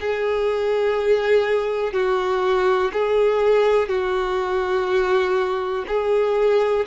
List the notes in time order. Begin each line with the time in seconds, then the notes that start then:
0.00 G#4
1.93 F#4
2.92 G#4
3.88 F#4
5.87 G#4